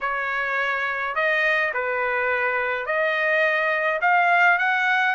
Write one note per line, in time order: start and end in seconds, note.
0.01 1.15 C#5
1.15 1.72 D#5
1.73 2.85 B4
2.85 4.00 D#5
4.01 4.58 F5
4.58 5.15 F#5